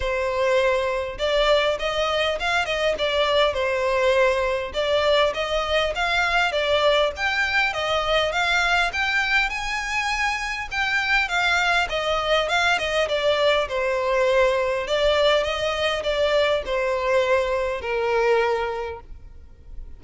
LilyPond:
\new Staff \with { instrumentName = "violin" } { \time 4/4 \tempo 4 = 101 c''2 d''4 dis''4 | f''8 dis''8 d''4 c''2 | d''4 dis''4 f''4 d''4 | g''4 dis''4 f''4 g''4 |
gis''2 g''4 f''4 | dis''4 f''8 dis''8 d''4 c''4~ | c''4 d''4 dis''4 d''4 | c''2 ais'2 | }